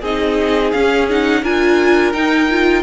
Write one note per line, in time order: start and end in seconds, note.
0.00 0.72 C4
0.00 0.74 D#4
0.00 1.41 G#4
0.00 0.71 D#5
0.71 1.42 C#4
0.71 1.10 C#4
0.71 1.07 F5
1.10 1.44 D#4
1.10 1.44 F#5
1.42 2.13 D4
1.42 2.14 F4
1.42 2.83 A#4
1.42 2.13 G#5
2.13 2.83 D#4
2.13 2.49 D#4
2.13 2.83 G5
2.51 2.83 F4